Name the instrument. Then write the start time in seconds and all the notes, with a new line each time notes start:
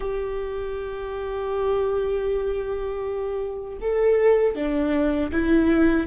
viola
0.00 G4
3.81 A4
4.55 D4
5.32 E4